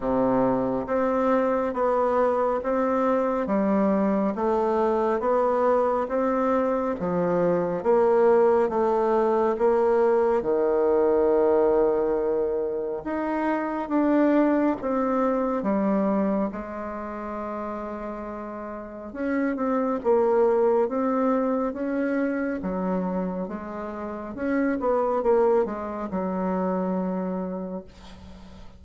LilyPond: \new Staff \with { instrumentName = "bassoon" } { \time 4/4 \tempo 4 = 69 c4 c'4 b4 c'4 | g4 a4 b4 c'4 | f4 ais4 a4 ais4 | dis2. dis'4 |
d'4 c'4 g4 gis4~ | gis2 cis'8 c'8 ais4 | c'4 cis'4 fis4 gis4 | cis'8 b8 ais8 gis8 fis2 | }